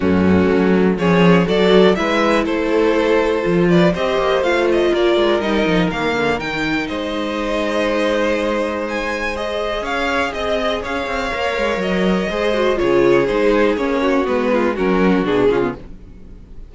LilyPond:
<<
  \new Staff \with { instrumentName = "violin" } { \time 4/4 \tempo 4 = 122 fis'2 cis''4 d''4 | e''4 c''2~ c''8 d''8 | dis''4 f''8 dis''8 d''4 dis''4 | f''4 g''4 dis''2~ |
dis''2 gis''4 dis''4 | f''4 dis''4 f''2 | dis''2 cis''4 c''4 | cis''4 b'4 ais'4 gis'4 | }
  \new Staff \with { instrumentName = "violin" } { \time 4/4 cis'2 gis'4 a'4 | b'4 a'2~ a'8 b'8 | c''2 ais'2~ | ais'2 c''2~ |
c''1 | cis''4 dis''4 cis''2~ | cis''4 c''4 gis'2~ | gis'8 fis'4 f'8 fis'4. f'8 | }
  \new Staff \with { instrumentName = "viola" } { \time 4/4 a2 cis'4 fis'4 | e'2. f'4 | g'4 f'2 dis'4 | ais4 dis'2.~ |
dis'2. gis'4~ | gis'2. ais'4~ | ais'4 gis'8 fis'8 f'4 dis'4 | cis'4 b4 cis'4 d'8 cis'16 b16 | }
  \new Staff \with { instrumentName = "cello" } { \time 4/4 fis,4 fis4 f4 fis4 | gis4 a2 f4 | c'8 ais8 a4 ais8 gis8 g8 f8 | dis8 d8 dis4 gis2~ |
gis1 | cis'4 c'4 cis'8 c'8 ais8 gis8 | fis4 gis4 cis4 gis4 | ais4 gis4 fis4 b,8 cis8 | }
>>